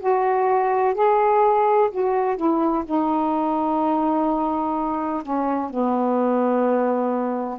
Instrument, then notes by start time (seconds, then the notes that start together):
saxophone
0.00 F#4
0.95 G#4
1.91 F#4
2.37 E4
2.86 D#4
5.23 C#4
5.70 B3